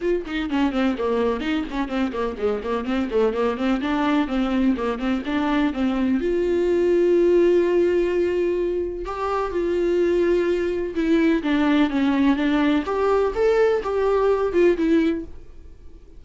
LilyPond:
\new Staff \with { instrumentName = "viola" } { \time 4/4 \tempo 4 = 126 f'8 dis'8 cis'8 c'8 ais4 dis'8 cis'8 | c'8 ais8 gis8 ais8 c'8 a8 ais8 c'8 | d'4 c'4 ais8 c'8 d'4 | c'4 f'2.~ |
f'2. g'4 | f'2. e'4 | d'4 cis'4 d'4 g'4 | a'4 g'4. f'8 e'4 | }